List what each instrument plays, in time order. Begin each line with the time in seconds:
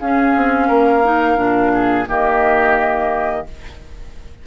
0.00 bassoon C#4, clarinet C#4, oboe G#4, flute F5
0.36 bassoon C4
0.68 bassoon A#3, oboe A#4
1.04 clarinet D#4
1.37 bassoon A#2, clarinet D4
1.74 oboe G#4
2.08 bassoon D#3, clarinet A#3, oboe G4, flute D#5